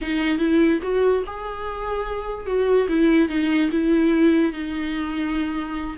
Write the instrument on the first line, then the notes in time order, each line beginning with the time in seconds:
viola
0.01 D#4
0.38 E4
0.82 F#4
1.26 G#4
2.46 F#4
2.88 E4
3.29 D#4
3.71 E4
4.52 D#4